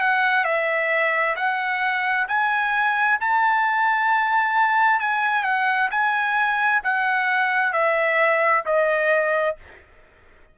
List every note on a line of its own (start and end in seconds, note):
0.00 0.44 F#5
0.44 1.35 E5
1.36 2.27 F#5
2.28 3.19 G#5
3.20 5.00 A5
5.00 5.44 G#5
5.44 5.89 F#5
5.91 6.82 G#5
6.83 7.73 F#5
7.73 8.64 E5
8.65 9.56 D#5